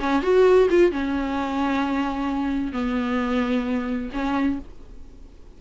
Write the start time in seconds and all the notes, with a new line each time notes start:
0.00 C#4
0.23 F#4
0.70 F4
0.92 C#4
2.73 B3
4.13 C#4